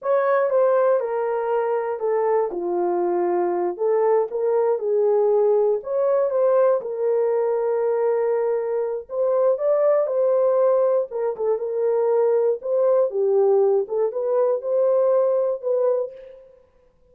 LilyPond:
\new Staff \with { instrumentName = "horn" } { \time 4/4 \tempo 4 = 119 cis''4 c''4 ais'2 | a'4 f'2~ f'8 a'8~ | a'8 ais'4 gis'2 cis''8~ | cis''8 c''4 ais'2~ ais'8~ |
ais'2 c''4 d''4 | c''2 ais'8 a'8 ais'4~ | ais'4 c''4 g'4. a'8 | b'4 c''2 b'4 | }